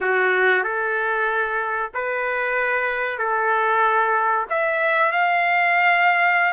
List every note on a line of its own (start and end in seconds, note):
0.01 0.63 F#4
0.63 1.91 A4
1.94 3.18 B4
3.18 4.45 A4
4.49 5.12 E5
5.12 6.53 F5